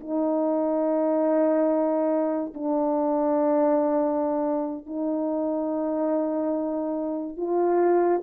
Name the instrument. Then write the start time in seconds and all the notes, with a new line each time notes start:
horn
0.00 D#4
2.54 D4
4.86 D#4
7.37 F4